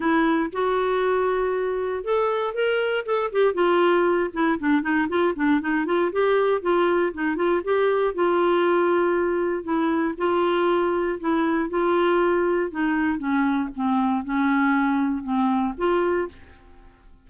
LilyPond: \new Staff \with { instrumentName = "clarinet" } { \time 4/4 \tempo 4 = 118 e'4 fis'2. | a'4 ais'4 a'8 g'8 f'4~ | f'8 e'8 d'8 dis'8 f'8 d'8 dis'8 f'8 | g'4 f'4 dis'8 f'8 g'4 |
f'2. e'4 | f'2 e'4 f'4~ | f'4 dis'4 cis'4 c'4 | cis'2 c'4 f'4 | }